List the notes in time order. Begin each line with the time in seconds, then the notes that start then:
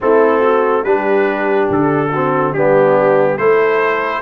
0.00 A3 C4 E4 A4
0.40 F#4
0.84 G3 D4 G4 B4
1.69 D3 A4
2.11 C4 F#4
2.52 G3 B3 D4 G4
3.37 A3 E4 A4 C5